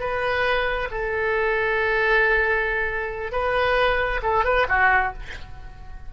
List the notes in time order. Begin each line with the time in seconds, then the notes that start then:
0.00 B4
0.91 A4
3.32 B4
4.23 A4
4.45 B4
4.69 F#4